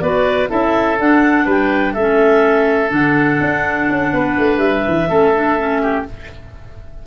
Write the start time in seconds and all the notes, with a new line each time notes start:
0.00 B3 F#4 B4 D5
0.47 C#4 E4 A4 E5
0.99 D4 F#5
1.45 G3 B4 G5
1.93 A3 C#4 A4 E5
2.88 D3 D4 F#5
3.40 D4
3.90 C#4
4.13 B3 B4
4.38 A3
4.57 G3 E5
4.87 E3
5.09 A3 C#4 A4
5.34 D4
5.58 C#4
5.82 G4